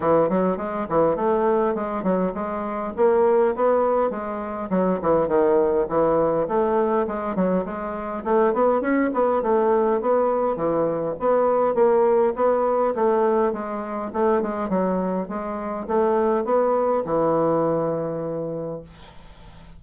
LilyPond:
\new Staff \with { instrumentName = "bassoon" } { \time 4/4 \tempo 4 = 102 e8 fis8 gis8 e8 a4 gis8 fis8 | gis4 ais4 b4 gis4 | fis8 e8 dis4 e4 a4 | gis8 fis8 gis4 a8 b8 cis'8 b8 |
a4 b4 e4 b4 | ais4 b4 a4 gis4 | a8 gis8 fis4 gis4 a4 | b4 e2. | }